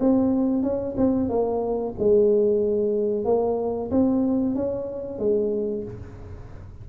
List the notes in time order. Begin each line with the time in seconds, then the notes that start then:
0.00 C4
0.63 C#4
0.97 C4
1.29 A#3
1.99 G#3
3.25 A#3
3.91 C4
4.55 C#4
5.19 G#3